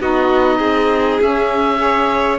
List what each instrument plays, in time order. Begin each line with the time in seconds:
0.00 cello B3, saxophone D#4, violin F#4, oboe D#5
0.58 cello C4, violin G#4
1.21 saxophone C#4, cello C#4, oboe E5
1.77 saxophone G#4, violin C#5